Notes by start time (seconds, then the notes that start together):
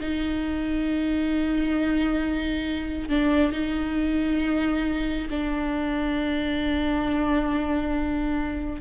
0.00 D#4
3.09 D4
3.52 D#4
5.30 D4